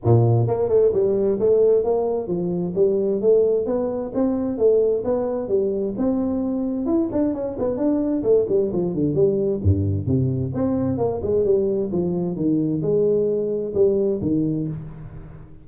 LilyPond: \new Staff \with { instrumentName = "tuba" } { \time 4/4 \tempo 4 = 131 ais,4 ais8 a8 g4 a4 | ais4 f4 g4 a4 | b4 c'4 a4 b4 | g4 c'2 e'8 d'8 |
cis'8 b8 d'4 a8 g8 f8 d8 | g4 g,4 c4 c'4 | ais8 gis8 g4 f4 dis4 | gis2 g4 dis4 | }